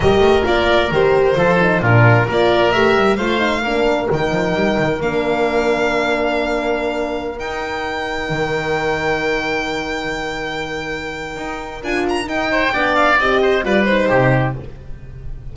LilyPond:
<<
  \new Staff \with { instrumentName = "violin" } { \time 4/4 \tempo 4 = 132 dis''4 d''4 c''2 | ais'4 d''4 e''4 f''4~ | f''4 g''2 f''4~ | f''1~ |
f''16 g''2.~ g''8.~ | g''1~ | g''2 gis''8 ais''8 g''4~ | g''8 f''8 dis''4 d''8 c''4. | }
  \new Staff \with { instrumentName = "oboe" } { \time 4/4 ais'2. a'4 | f'4 ais'2 c''4 | ais'1~ | ais'1~ |
ais'1~ | ais'1~ | ais'2.~ ais'8 c''8 | d''4. c''8 b'4 g'4 | }
  \new Staff \with { instrumentName = "horn" } { \time 4/4 g'4 f'4 g'4 f'8 dis'8 | d'4 f'4 g'4 f'8 dis'8 | d'4 dis'2 d'4~ | d'1~ |
d'16 dis'2.~ dis'8.~ | dis'1~ | dis'2 f'4 dis'4 | d'4 g'4 f'8 dis'4. | }
  \new Staff \with { instrumentName = "double bass" } { \time 4/4 g8 a8 ais4 dis4 f4 | ais,4 ais4 a8 g8 a4 | ais4 dis8 f8 g8 dis8 ais4~ | ais1~ |
ais16 dis'2 dis4.~ dis16~ | dis1~ | dis4 dis'4 d'4 dis'4 | b4 c'4 g4 c4 | }
>>